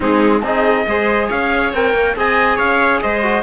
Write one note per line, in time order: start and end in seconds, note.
0.00 0.42 G#3
0.00 0.41 C4
0.00 0.41 D#4
0.00 0.45 G#4
0.42 0.85 C4
0.42 0.85 D#4
0.42 0.87 G#4
0.42 1.30 D#5
0.86 1.29 G#3
0.86 1.74 G#4
0.86 1.28 C5
1.28 1.73 C#4
1.28 2.14 C#5
1.28 1.73 F5
1.73 1.94 C4
1.73 2.15 A#4
1.73 2.17 G5
1.94 2.15 A#3
2.15 2.59 C4
2.15 3.22 G#4
2.15 2.56 D#5
2.15 2.58 G#5
2.56 3.02 C#4
2.56 2.99 C#5
2.56 3.01 F5
3.02 3.42 G#3
3.02 3.42 C5
3.02 3.42 D#5
3.22 3.42 F#4